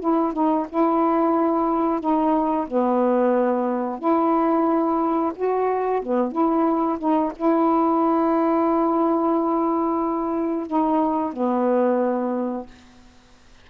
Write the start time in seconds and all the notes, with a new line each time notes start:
0.00 E4
0.33 D#4
0.69 E4
2.00 D#4
2.67 B3
3.99 E4
5.35 F#4
6.02 B3
6.32 E4
6.98 D#4
7.35 E4
10.67 D#4
11.33 B3